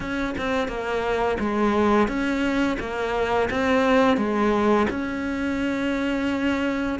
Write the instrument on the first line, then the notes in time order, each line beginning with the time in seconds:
cello
0.00 C#4
0.37 C4
0.68 A#3
1.39 G#3
2.07 C#4
2.79 A#3
3.50 C4
4.17 G#3
4.90 C#4